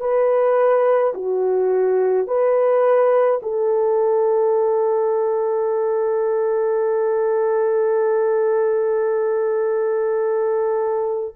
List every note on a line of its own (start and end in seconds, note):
0.00 1.13 B4
1.14 2.27 F#4
2.27 3.40 B4
3.42 11.35 A4